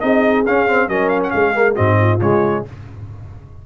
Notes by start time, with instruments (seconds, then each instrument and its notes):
0.00 tuba C4, trombone D#4, horn G#4, trumpet D#5
0.46 tuba C#4, trombone C#4, trumpet F5
0.68 trombone C4
0.88 tuba F#3, trombone C#4, horn A#4, trumpet D#5
1.09 trumpet F5
1.23 trumpet F#5
1.30 tuba G#3, horn G#4, trumpet F5
1.54 trombone A#3
1.74 tuba G#2, trombone C4, horn F#4, trumpet D#5
2.00 horn F4
2.20 tuba C#3, trombone G#3, trumpet C#5